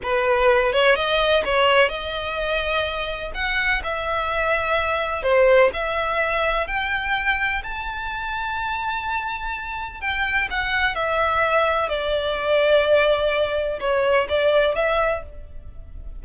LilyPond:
\new Staff \with { instrumentName = "violin" } { \time 4/4 \tempo 4 = 126 b'4. cis''8 dis''4 cis''4 | dis''2. fis''4 | e''2. c''4 | e''2 g''2 |
a''1~ | a''4 g''4 fis''4 e''4~ | e''4 d''2.~ | d''4 cis''4 d''4 e''4 | }